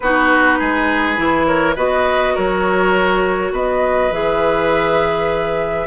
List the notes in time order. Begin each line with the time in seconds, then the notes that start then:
0.00 B3 D#4 F#4 B4
0.58 G#3 G#4
1.16 E3 E4
1.46 A#4 C#5
1.75 B3 F#4 B4 D#5
2.34 F#3 A#4 C#5
3.52 B3 B4 D#5
4.10 E3 G#4 E5